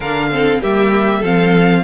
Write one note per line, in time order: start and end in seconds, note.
0.00 0.59 D3
0.00 0.31 D4
0.00 0.29 A#4
0.00 0.62 F5
0.31 0.61 C4
0.31 0.60 A4
0.60 1.23 G3
0.60 1.23 A#3
0.60 1.18 G4
0.60 1.24 E5
1.18 1.83 F3
1.18 1.83 C4
1.18 1.79 A4
1.18 1.83 F5